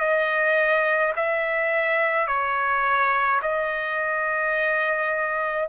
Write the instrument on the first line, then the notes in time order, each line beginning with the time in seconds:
trumpet
0.00 D#5
1.16 E5
2.27 C#5
3.42 D#5